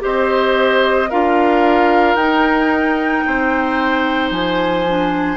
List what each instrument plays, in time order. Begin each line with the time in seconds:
0.00 bassoon C4, clarinet G4, oboe C5, flute D#5
1.10 bassoon D4, clarinet F4, oboe A#4, flute F5
2.15 bassoon D#4, clarinet D#4, flute G5
3.27 bassoon C4, oboe C5
4.31 bassoon F3, flute G#5
4.87 clarinet D4